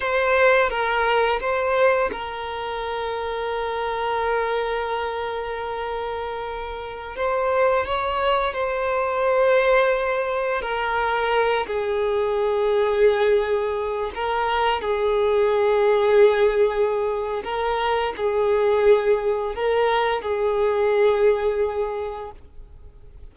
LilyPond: \new Staff \with { instrumentName = "violin" } { \time 4/4 \tempo 4 = 86 c''4 ais'4 c''4 ais'4~ | ais'1~ | ais'2~ ais'16 c''4 cis''8.~ | cis''16 c''2. ais'8.~ |
ais'8. gis'2.~ gis'16~ | gis'16 ais'4 gis'2~ gis'8.~ | gis'4 ais'4 gis'2 | ais'4 gis'2. | }